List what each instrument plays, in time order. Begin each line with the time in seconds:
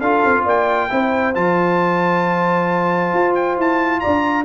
0.00 tuba D4, trombone F4, horn A4, trumpet F5
0.25 tuba C4
0.44 tuba A#3, horn D5, trumpet G5
0.90 tuba C4, trombone E4, horn C5
1.35 tuba F3, trombone F4, trumpet A5
3.14 tuba F4
3.35 trumpet G5
3.58 tuba E4, trumpet A5
4.00 horn D5, trumpet A#5
4.06 tuba D4